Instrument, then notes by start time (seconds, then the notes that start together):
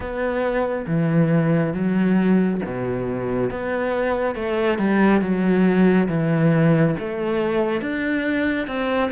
cello
0.00 B3
0.86 E3
1.74 F#3
2.65 B2
3.50 B3
4.35 A3
4.78 G3
5.21 F#3
6.08 E3
6.99 A3
7.81 D4
8.67 C4